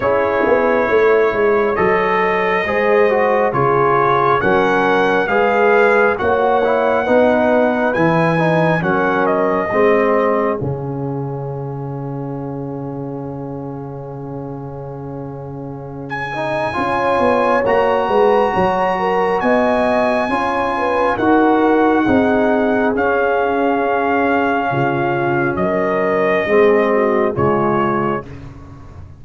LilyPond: <<
  \new Staff \with { instrumentName = "trumpet" } { \time 4/4 \tempo 4 = 68 cis''2 dis''2 | cis''4 fis''4 f''4 fis''4~ | fis''4 gis''4 fis''8 dis''4. | f''1~ |
f''2~ f''16 gis''4.~ gis''16 | ais''2 gis''2 | fis''2 f''2~ | f''4 dis''2 cis''4 | }
  \new Staff \with { instrumentName = "horn" } { \time 4/4 gis'4 cis''2 c''4 | gis'4 ais'4 b'4 cis''4 | b'2 ais'4 gis'4~ | gis'1~ |
gis'2. cis''4~ | cis''8 b'8 cis''8 ais'8 dis''4 cis''8 b'8 | ais'4 gis'2. | f'4 ais'4 gis'8 fis'8 f'4 | }
  \new Staff \with { instrumentName = "trombone" } { \time 4/4 e'2 a'4 gis'8 fis'8 | f'4 cis'4 gis'4 fis'8 e'8 | dis'4 e'8 dis'8 cis'4 c'4 | cis'1~ |
cis'2~ cis'8 dis'8 f'4 | fis'2. f'4 | fis'4 dis'4 cis'2~ | cis'2 c'4 gis4 | }
  \new Staff \with { instrumentName = "tuba" } { \time 4/4 cis'8 b8 a8 gis8 fis4 gis4 | cis4 fis4 gis4 ais4 | b4 e4 fis4 gis4 | cis1~ |
cis2. cis'8 b8 | ais8 gis8 fis4 b4 cis'4 | dis'4 c'4 cis'2 | cis4 fis4 gis4 cis4 | }
>>